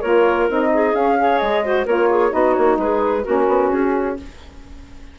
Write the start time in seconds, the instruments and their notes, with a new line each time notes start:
0.00 bassoon A#3, saxophone F4, clarinet A#4, flute C#5
0.49 bassoon C4, saxophone D#4, flute D#5
0.73 clarinet G#4
0.93 saxophone C#4, bassoon C#4, flute F5
1.17 saxophone G#4, clarinet C#5
1.39 bassoon G#3, flute D#5
1.63 saxophone F#4, clarinet C5
1.85 bassoon A#3, saxophone F4, clarinet A#4, flute C#5
2.09 clarinet G#4
2.29 bassoon B3, saxophone D#4, clarinet F#4, flute D#5
2.53 bassoon A#3, flute C#5
2.78 bassoon G#3, clarinet G#4, flute B4
3.24 bassoon A#3, saxophone C#4, clarinet F#4, flute A#4
3.47 bassoon B3
3.71 bassoon C#4, flute G#4